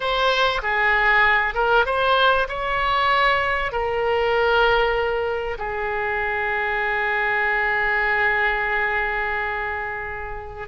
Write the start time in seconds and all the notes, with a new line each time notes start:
0.00 C5
0.62 G#4
1.54 A#4
1.85 C5
2.48 C#5
3.72 A#4
5.58 G#4